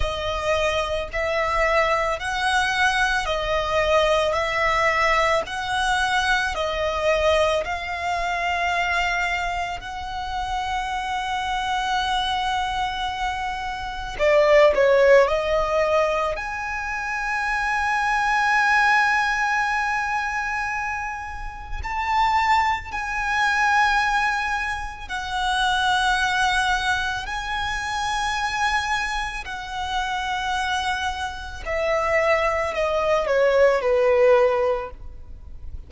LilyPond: \new Staff \with { instrumentName = "violin" } { \time 4/4 \tempo 4 = 55 dis''4 e''4 fis''4 dis''4 | e''4 fis''4 dis''4 f''4~ | f''4 fis''2.~ | fis''4 d''8 cis''8 dis''4 gis''4~ |
gis''1 | a''4 gis''2 fis''4~ | fis''4 gis''2 fis''4~ | fis''4 e''4 dis''8 cis''8 b'4 | }